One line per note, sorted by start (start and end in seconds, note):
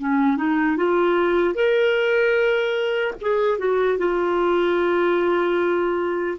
0.00 0.37 C#4
0.37 0.77 D#4
0.77 1.55 F4
1.55 3.15 A#4
3.21 3.59 G#4
3.59 3.99 F#4
3.99 6.39 F4